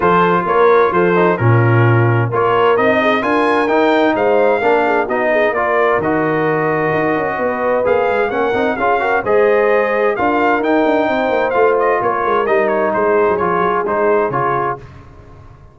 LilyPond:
<<
  \new Staff \with { instrumentName = "trumpet" } { \time 4/4 \tempo 4 = 130 c''4 cis''4 c''4 ais'4~ | ais'4 cis''4 dis''4 gis''4 | g''4 f''2 dis''4 | d''4 dis''2.~ |
dis''4 f''4 fis''4 f''4 | dis''2 f''4 g''4~ | g''4 f''8 dis''8 cis''4 dis''8 cis''8 | c''4 cis''4 c''4 cis''4 | }
  \new Staff \with { instrumentName = "horn" } { \time 4/4 a'4 ais'4 a'4 f'4~ | f'4 ais'4. gis'8 ais'4~ | ais'4 c''4 ais'8 gis'8 fis'8 gis'8 | ais'1 |
b'2 ais'4 gis'8 ais'8 | c''2 ais'2 | c''2 ais'2 | gis'1 | }
  \new Staff \with { instrumentName = "trombone" } { \time 4/4 f'2~ f'8 dis'8 cis'4~ | cis'4 f'4 dis'4 f'4 | dis'2 d'4 dis'4 | f'4 fis'2.~ |
fis'4 gis'4 cis'8 dis'8 f'8 fis'8 | gis'2 f'4 dis'4~ | dis'4 f'2 dis'4~ | dis'4 f'4 dis'4 f'4 | }
  \new Staff \with { instrumentName = "tuba" } { \time 4/4 f4 ais4 f4 ais,4~ | ais,4 ais4 c'4 d'4 | dis'4 gis4 ais4 b4 | ais4 dis2 dis'8 cis'8 |
b4 ais8 gis8 ais8 c'8 cis'4 | gis2 d'4 dis'8 d'8 | c'8 ais8 a4 ais8 gis8 g4 | gis8. fis16 f8 fis8 gis4 cis4 | }
>>